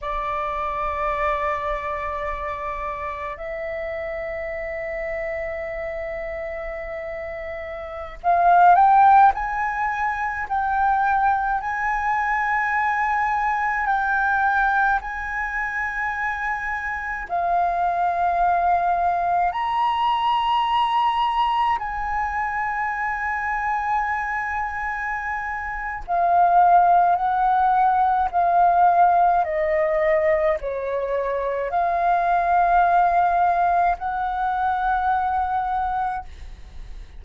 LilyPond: \new Staff \with { instrumentName = "flute" } { \time 4/4 \tempo 4 = 53 d''2. e''4~ | e''2.~ e''16 f''8 g''16~ | g''16 gis''4 g''4 gis''4.~ gis''16~ | gis''16 g''4 gis''2 f''8.~ |
f''4~ f''16 ais''2 gis''8.~ | gis''2. f''4 | fis''4 f''4 dis''4 cis''4 | f''2 fis''2 | }